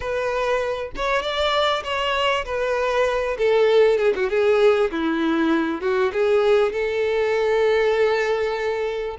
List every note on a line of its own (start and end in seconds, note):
0.00 0.91 B4
0.95 1.22 C#5
1.22 1.83 D5
1.83 2.45 C#5
2.45 3.37 B4
3.38 3.98 A4
3.98 4.13 G#4
4.15 4.29 F#4
4.29 4.90 G#4
4.91 5.81 E4
5.81 6.11 F#4
6.12 6.72 G#4
6.72 9.17 A4